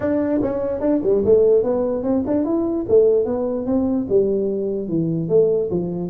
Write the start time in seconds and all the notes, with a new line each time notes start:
0.00 D4
0.41 C#4
0.80 D4
1.03 G3
1.25 A3
1.63 B3
2.03 C4
2.26 D4
2.44 E4
2.88 A3
3.25 B3
3.66 C4
4.09 G3
4.88 E3
5.28 A3
5.70 F3